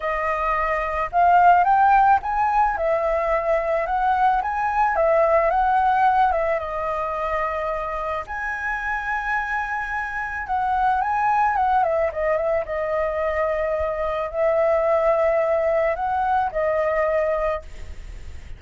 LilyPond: \new Staff \with { instrumentName = "flute" } { \time 4/4 \tempo 4 = 109 dis''2 f''4 g''4 | gis''4 e''2 fis''4 | gis''4 e''4 fis''4. e''8 | dis''2. gis''4~ |
gis''2. fis''4 | gis''4 fis''8 e''8 dis''8 e''8 dis''4~ | dis''2 e''2~ | e''4 fis''4 dis''2 | }